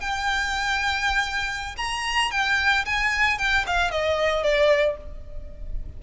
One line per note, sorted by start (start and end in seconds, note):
0.00 1.76 G5
1.77 2.31 A#5
2.31 2.85 G5
2.85 3.38 G#5
3.38 3.65 G5
3.66 3.91 F5
3.91 4.43 D#5
4.43 4.97 D5